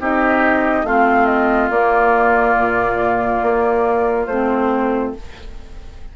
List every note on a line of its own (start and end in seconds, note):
0.00 0.84 C4
0.00 0.86 D#4
0.00 0.86 G4
0.00 0.86 D#5
0.84 1.70 A3
0.84 1.72 C4
0.84 5.15 F4
0.84 1.26 F5
1.26 1.69 D#5
1.71 2.56 A#3
1.71 4.29 A#3
1.71 4.26 D5
2.57 3.43 A#2
3.43 4.28 A#3
4.26 5.14 A3
4.26 5.16 C4
4.26 5.12 C5